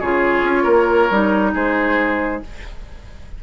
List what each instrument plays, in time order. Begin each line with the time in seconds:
0.00 bassoon C#3, clarinet F4, oboe G#4, flute C#5
0.43 bassoon C#4
0.64 bassoon A#3, oboe A#4
1.11 bassoon G3, clarinet D#4
1.54 bassoon G#3, oboe G#4, flute C5